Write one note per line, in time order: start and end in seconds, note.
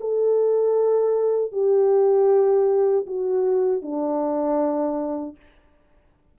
0.00 1.52 A4
1.52 3.06 G4
3.06 3.82 F#4
3.82 5.36 D4